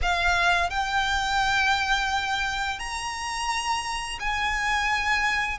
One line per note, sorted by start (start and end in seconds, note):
0.02 0.70 F5
0.70 2.79 G5
2.79 4.18 A#5
4.19 5.58 G#5